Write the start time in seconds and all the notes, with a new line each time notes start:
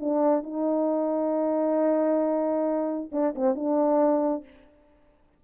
0.00 D4
0.43 D#4
3.12 D4
3.35 C4
3.55 D4